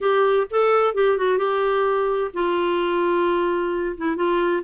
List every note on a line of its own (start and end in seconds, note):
0.00 0.47 G4
0.50 0.94 A4
0.94 1.17 G4
1.17 1.38 F#4
1.38 2.31 G4
2.33 3.96 F4
3.97 4.16 E4
4.16 4.62 F4